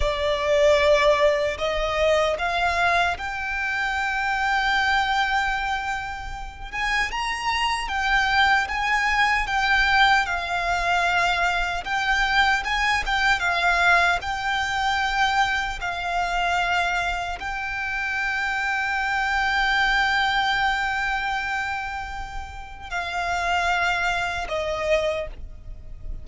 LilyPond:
\new Staff \with { instrumentName = "violin" } { \time 4/4 \tempo 4 = 76 d''2 dis''4 f''4 | g''1~ | g''8 gis''8 ais''4 g''4 gis''4 | g''4 f''2 g''4 |
gis''8 g''8 f''4 g''2 | f''2 g''2~ | g''1~ | g''4 f''2 dis''4 | }